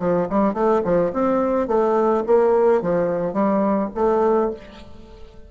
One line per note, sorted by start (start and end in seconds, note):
0.00 0.28 F3
0.30 0.54 G3
0.54 0.82 A3
0.85 1.13 F3
1.13 1.68 C4
1.68 2.24 A3
2.27 2.82 A#3
2.82 3.34 F3
3.34 3.90 G3
3.95 4.51 A3